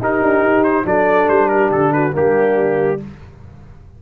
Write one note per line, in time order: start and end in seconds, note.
0.00 0.21 D#4
0.00 0.85 D#4
0.00 0.86 G4
0.00 0.64 A#4
0.22 0.40 D4
0.40 0.83 D#4
0.64 0.85 C5
0.85 1.28 F#3
0.85 2.12 D4
0.85 1.50 A4
0.85 1.28 D5
1.28 1.71 G3
1.28 1.49 C5
1.49 1.94 G4
1.49 1.70 A#4
1.71 2.13 D3
1.71 1.93 A4
1.93 2.14 F#4
1.93 2.14 B4
2.12 3.02 G3
2.12 2.97 A#3
2.12 2.99 D4
2.12 3.01 G4